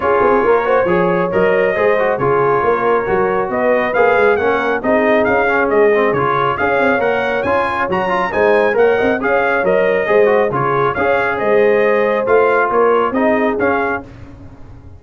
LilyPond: <<
  \new Staff \with { instrumentName = "trumpet" } { \time 4/4 \tempo 4 = 137 cis''2. dis''4~ | dis''4 cis''2. | dis''4 f''4 fis''4 dis''4 | f''4 dis''4 cis''4 f''4 |
fis''4 gis''4 ais''4 gis''4 | fis''4 f''4 dis''2 | cis''4 f''4 dis''2 | f''4 cis''4 dis''4 f''4 | }
  \new Staff \with { instrumentName = "horn" } { \time 4/4 gis'4 ais'8 c''8 cis''2 | c''4 gis'4 ais'2 | b'2 ais'4 gis'4~ | gis'2. cis''4~ |
cis''2. c''4 | cis''8 dis''8 cis''2 c''4 | gis'4 cis''4 c''2~ | c''4 ais'4 gis'2 | }
  \new Staff \with { instrumentName = "trombone" } { \time 4/4 f'4. fis'8 gis'4 ais'4 | gis'8 fis'8 f'2 fis'4~ | fis'4 gis'4 cis'4 dis'4~ | dis'8 cis'4 c'8 f'4 gis'4 |
ais'4 f'4 fis'8 f'8 dis'4 | ais'4 gis'4 ais'4 gis'8 fis'8 | f'4 gis'2. | f'2 dis'4 cis'4 | }
  \new Staff \with { instrumentName = "tuba" } { \time 4/4 cis'8 c'8 ais4 f4 fis4 | gis4 cis4 ais4 fis4 | b4 ais8 gis8 ais4 c'4 | cis'4 gis4 cis4 cis'8 c'8 |
ais4 cis'4 fis4 gis4 | ais8 c'8 cis'4 fis4 gis4 | cis4 cis'4 gis2 | a4 ais4 c'4 cis'4 | }
>>